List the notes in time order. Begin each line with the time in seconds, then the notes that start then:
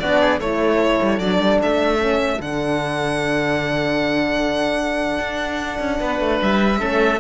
0.00 B3 D4 F#4 D5
0.21 G#4
0.40 A3 E4 A4 C#5
1.02 G3
1.20 F#3 D4 D5
1.40 G3
1.63 A3 E5
1.99 C#4
2.40 D3 D4 F#5
5.19 D4
5.80 C#4
6.00 B3 B4
6.20 A3
6.42 G3 E5
6.79 A3 C#4 A4